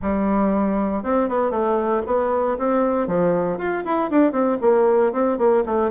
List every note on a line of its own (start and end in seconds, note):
0.02 1.03 G3
1.03 1.28 C4
1.28 1.50 B3
1.50 2.02 A3
2.06 2.57 B3
2.58 3.07 C4
3.07 3.58 F3
3.58 3.83 F4
3.85 4.10 E4
4.10 4.31 D4
4.31 4.57 C4
4.61 5.12 A#3
5.12 5.38 C4
5.38 5.63 A#3
5.65 5.90 A3